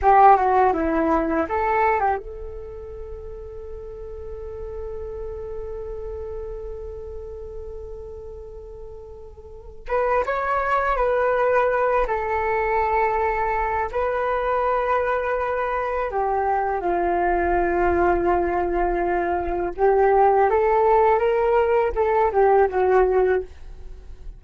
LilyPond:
\new Staff \with { instrumentName = "flute" } { \time 4/4 \tempo 4 = 82 g'8 fis'8 e'4 a'8. g'16 a'4~ | a'1~ | a'1~ | a'4. b'8 cis''4 b'4~ |
b'8 a'2~ a'8 b'4~ | b'2 g'4 f'4~ | f'2. g'4 | a'4 ais'4 a'8 g'8 fis'4 | }